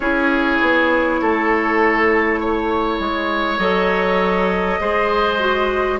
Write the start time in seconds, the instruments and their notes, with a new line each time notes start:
0.00 bassoon C#4, clarinet E4, oboe G#4, flute C#5
0.61 bassoon B3
1.21 bassoon A3, oboe A4
2.40 oboe C#5
3.00 bassoon G#3
3.58 bassoon F#3, clarinet A4, flute D#5
4.79 bassoon G#3, clarinet G#4, oboe C5
5.39 clarinet F#4